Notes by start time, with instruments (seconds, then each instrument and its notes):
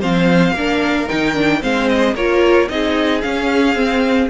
0.00 cello F3, viola C4, violin C5 F5
0.52 cello A#3, viola D4, violin A#4
1.09 cello D#3, viola D#4, violin G5
1.34 viola D4
1.61 cello G#3, viola C4, violin C5 F5
1.88 violin D#5
2.15 cello A#3, viola F4, violin A#4 C#5
2.69 cello C4, viola D#4, violin G#4 D#5
3.21 viola C#4, cello C#4, violin F5
3.75 cello C4, viola C4